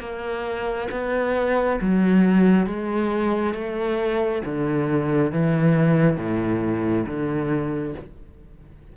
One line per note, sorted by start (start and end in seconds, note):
0.00 0.88 A#3
0.91 1.79 B3
1.80 2.66 F#3
2.66 3.54 G#3
3.54 4.42 A3
4.45 5.32 D3
5.32 6.17 E3
6.17 7.05 A2
7.06 7.94 D3